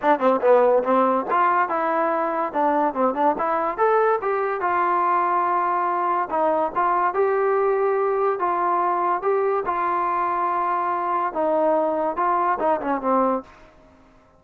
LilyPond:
\new Staff \with { instrumentName = "trombone" } { \time 4/4 \tempo 4 = 143 d'8 c'8 b4 c'4 f'4 | e'2 d'4 c'8 d'8 | e'4 a'4 g'4 f'4~ | f'2. dis'4 |
f'4 g'2. | f'2 g'4 f'4~ | f'2. dis'4~ | dis'4 f'4 dis'8 cis'8 c'4 | }